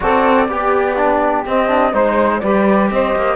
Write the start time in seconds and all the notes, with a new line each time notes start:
0.00 C4 F#4 A4 D5
0.47 B3 G4
0.96 D4
1.46 C4 D#5
1.67 D4
1.93 G#3 D#4 C5
2.39 G3 G4 B4 D5
2.91 C4 C5 D#5
3.15 A#3